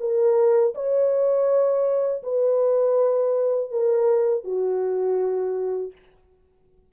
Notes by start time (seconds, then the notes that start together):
0.00 A#4
0.75 C#5
2.23 B4
3.71 A#4
4.44 F#4